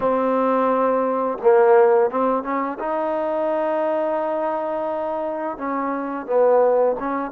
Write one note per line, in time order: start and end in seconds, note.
0.00 1.38 C4
1.41 2.10 A#3
2.10 2.43 C4
2.43 2.77 C#4
2.79 5.57 D#4
5.57 6.26 C#4
6.26 6.96 B3
6.99 7.31 C#4